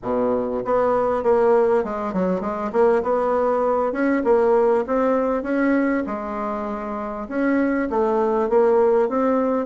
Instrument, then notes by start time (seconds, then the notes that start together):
bassoon
0.02 B2
0.64 B3
1.23 A#3
1.83 G#3
2.13 F#3
2.40 G#3
2.72 A#3
3.02 B3
3.92 C#4
4.24 A#3
4.87 C4
5.42 C#4
6.06 G#3
7.28 C#4
7.90 A3
8.49 A#3
9.08 C4